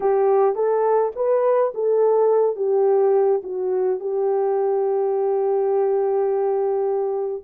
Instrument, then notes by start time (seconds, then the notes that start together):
horn
0.00 G4
0.55 A4
1.15 B4
1.74 A4
2.56 G4
3.43 F#4
3.99 G4